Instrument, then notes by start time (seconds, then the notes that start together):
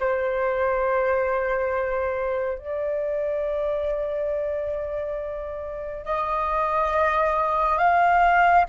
flute
0.00 C5
2.58 D5
6.05 D#5
7.78 F5